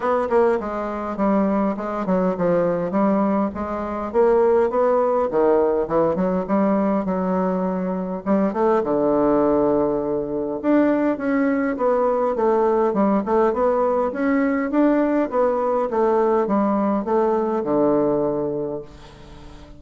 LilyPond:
\new Staff \with { instrumentName = "bassoon" } { \time 4/4 \tempo 4 = 102 b8 ais8 gis4 g4 gis8 fis8 | f4 g4 gis4 ais4 | b4 dis4 e8 fis8 g4 | fis2 g8 a8 d4~ |
d2 d'4 cis'4 | b4 a4 g8 a8 b4 | cis'4 d'4 b4 a4 | g4 a4 d2 | }